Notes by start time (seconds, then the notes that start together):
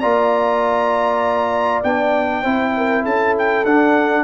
0.00 A#3 F4 D5 A#5
1.84 B3 D4 G5
2.42 C4 E4 C5
2.77 A#4
3.03 C#4 A4 A5
3.39 G5
3.65 D4 F#5